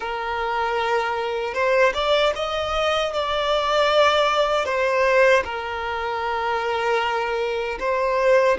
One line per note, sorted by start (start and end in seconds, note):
0.00 1.53 A#4
1.53 1.92 C5
1.94 2.33 D5
2.35 3.13 D#5
3.13 4.65 D5
4.65 5.43 C5
5.44 7.78 A#4
7.79 8.57 C5